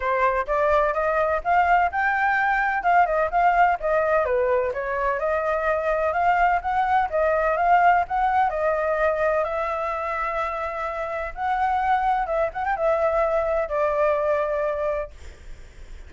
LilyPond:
\new Staff \with { instrumentName = "flute" } { \time 4/4 \tempo 4 = 127 c''4 d''4 dis''4 f''4 | g''2 f''8 dis''8 f''4 | dis''4 b'4 cis''4 dis''4~ | dis''4 f''4 fis''4 dis''4 |
f''4 fis''4 dis''2 | e''1 | fis''2 e''8 fis''16 g''16 e''4~ | e''4 d''2. | }